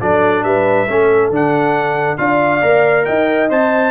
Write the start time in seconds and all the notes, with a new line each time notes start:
0.00 F#3 D4 A4 D5
0.44 G3 B4 E5
0.88 A3 C#4 A4
1.30 D3 D4 F#5
2.17 D4 F4 D5 F5
2.61 A#3 A#4
3.05 D#4 D#5 G5
3.50 C4 C5 A5